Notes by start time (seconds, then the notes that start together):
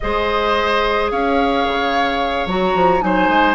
0.00 G#3 G#4 C5 D#5
1.10 C#4 C#5 F5
1.67 C#3
2.46 F#3 F#4 A#5
2.74 F3
3.00 F#3 D#4 C5 G#5
3.29 G#3